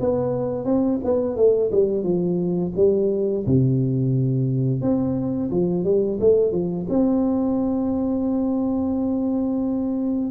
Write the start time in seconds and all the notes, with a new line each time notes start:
0.00 B3
0.65 C4
1.04 B3
1.36 A3
1.71 G3
2.03 F3
2.76 G3
3.46 C3
4.81 C4
5.51 F3
5.84 G3
6.20 A3
6.52 F3
6.90 C4